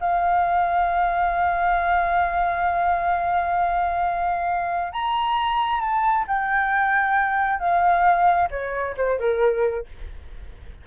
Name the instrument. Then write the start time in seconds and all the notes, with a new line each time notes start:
flute
0.00 F5
4.93 A#5
5.80 A5
6.27 G5
7.59 F5
8.50 C#5
8.97 C5
9.19 A#4